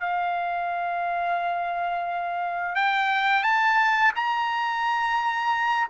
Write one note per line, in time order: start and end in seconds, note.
0.00 2.75 F5
2.75 3.43 G5
3.43 4.12 A5
4.15 5.88 A#5